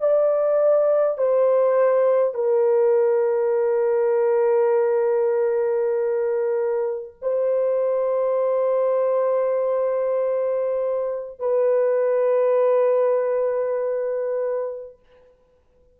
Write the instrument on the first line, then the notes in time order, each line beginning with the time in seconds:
horn
0.00 D5
1.17 C5
2.34 A#4
7.22 C5
11.39 B4